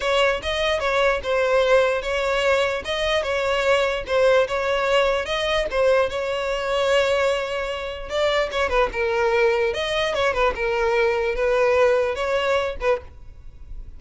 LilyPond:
\new Staff \with { instrumentName = "violin" } { \time 4/4 \tempo 4 = 148 cis''4 dis''4 cis''4 c''4~ | c''4 cis''2 dis''4 | cis''2 c''4 cis''4~ | cis''4 dis''4 c''4 cis''4~ |
cis''1 | d''4 cis''8 b'8 ais'2 | dis''4 cis''8 b'8 ais'2 | b'2 cis''4. b'8 | }